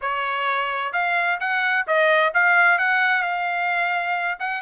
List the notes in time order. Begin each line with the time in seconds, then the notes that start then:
0.01 C#5
0.93 F5
1.40 F#5
1.87 D#5
2.34 F5
2.78 F#5
3.22 F5
4.39 F#5